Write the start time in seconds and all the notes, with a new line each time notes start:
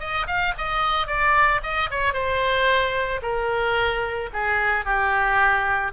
0.00 D#5
0.28 F5
0.58 D#5
1.07 D5
1.63 D#5
1.91 C#5
2.14 C5
3.23 A#4
4.33 G#4
4.85 G4